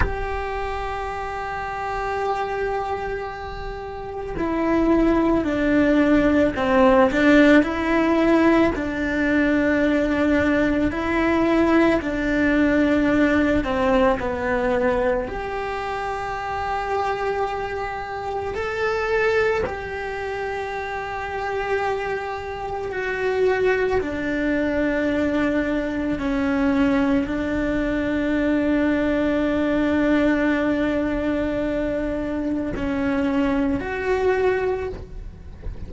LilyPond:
\new Staff \with { instrumentName = "cello" } { \time 4/4 \tempo 4 = 55 g'1 | e'4 d'4 c'8 d'8 e'4 | d'2 e'4 d'4~ | d'8 c'8 b4 g'2~ |
g'4 a'4 g'2~ | g'4 fis'4 d'2 | cis'4 d'2.~ | d'2 cis'4 fis'4 | }